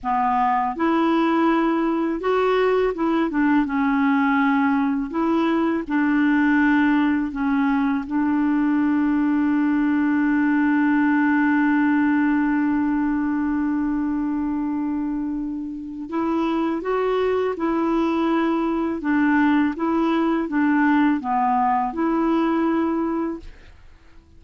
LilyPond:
\new Staff \with { instrumentName = "clarinet" } { \time 4/4 \tempo 4 = 82 b4 e'2 fis'4 | e'8 d'8 cis'2 e'4 | d'2 cis'4 d'4~ | d'1~ |
d'1~ | d'2 e'4 fis'4 | e'2 d'4 e'4 | d'4 b4 e'2 | }